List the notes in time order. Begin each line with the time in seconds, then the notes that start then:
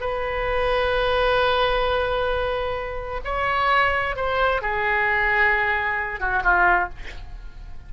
0.00 B4
3.24 C#5
4.16 C5
4.61 G#4
6.20 F#4
6.43 F4